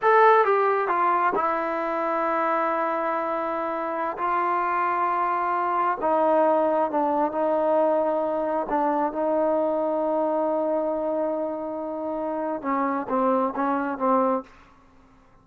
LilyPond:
\new Staff \with { instrumentName = "trombone" } { \time 4/4 \tempo 4 = 133 a'4 g'4 f'4 e'4~ | e'1~ | e'4~ e'16 f'2~ f'8.~ | f'4~ f'16 dis'2 d'8.~ |
d'16 dis'2. d'8.~ | d'16 dis'2.~ dis'8.~ | dis'1 | cis'4 c'4 cis'4 c'4 | }